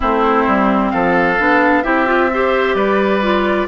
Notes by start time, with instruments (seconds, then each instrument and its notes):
0.00 bassoon A3, clarinet C4, oboe E4, flute C5
0.47 bassoon G3
0.90 bassoon F3, oboe A4, flute F5
1.38 bassoon B3, clarinet D4
1.82 bassoon C4, clarinet E4, oboe G4, flute E5
2.06 clarinet F4
2.33 clarinet G4, oboe C5
2.74 bassoon G3, oboe B4, flute D5
3.21 clarinet F4